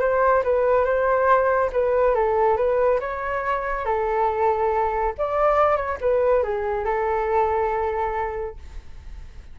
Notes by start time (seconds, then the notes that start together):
0.00 C5
0.44 B4
0.85 C5
1.72 B4
2.15 A4
2.57 B4
3.00 C#5
3.85 A4
5.18 D5
5.76 C#5
6.01 B4
6.43 G#4
6.85 A4